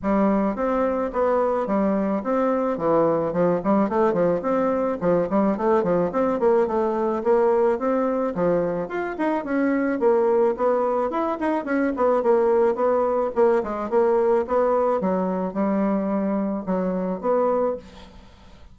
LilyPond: \new Staff \with { instrumentName = "bassoon" } { \time 4/4 \tempo 4 = 108 g4 c'4 b4 g4 | c'4 e4 f8 g8 a8 f8 | c'4 f8 g8 a8 f8 c'8 ais8 | a4 ais4 c'4 f4 |
f'8 dis'8 cis'4 ais4 b4 | e'8 dis'8 cis'8 b8 ais4 b4 | ais8 gis8 ais4 b4 fis4 | g2 fis4 b4 | }